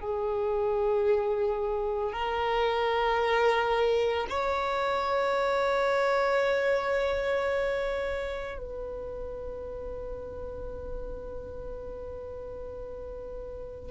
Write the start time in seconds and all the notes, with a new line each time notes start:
0.00 G#4
2.12 A#4
4.30 C#5
8.58 B4